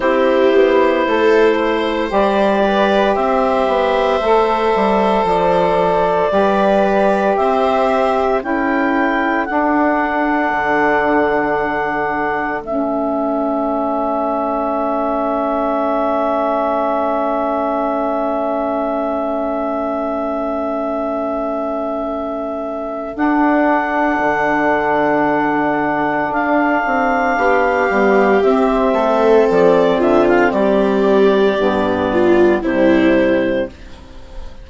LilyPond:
<<
  \new Staff \with { instrumentName = "clarinet" } { \time 4/4 \tempo 4 = 57 c''2 d''4 e''4~ | e''4 d''2 e''4 | g''4 fis''2. | e''1~ |
e''1~ | e''2 fis''2~ | fis''4 f''2 e''4 | d''8 e''16 f''16 d''2 c''4 | }
  \new Staff \with { instrumentName = "viola" } { \time 4/4 g'4 a'8 c''4 b'8 c''4~ | c''2 b'4 c''4 | a'1~ | a'1~ |
a'1~ | a'1~ | a'2 g'4. a'8~ | a'8 f'8 g'4. f'8 e'4 | }
  \new Staff \with { instrumentName = "saxophone" } { \time 4/4 e'2 g'2 | a'2 g'2 | e'4 d'2. | cis'1~ |
cis'1~ | cis'2 d'2~ | d'2~ d'8 b8 c'4~ | c'2 b4 g4 | }
  \new Staff \with { instrumentName = "bassoon" } { \time 4/4 c'8 b8 a4 g4 c'8 b8 | a8 g8 f4 g4 c'4 | cis'4 d'4 d2 | a1~ |
a1~ | a2 d'4 d4~ | d4 d'8 c'8 b8 g8 c'8 a8 | f8 d8 g4 g,4 c4 | }
>>